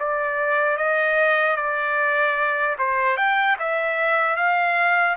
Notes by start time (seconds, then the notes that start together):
0.00 D5
0.78 D#5
1.57 D5
2.79 C5
3.17 G5
3.60 E5
4.37 F5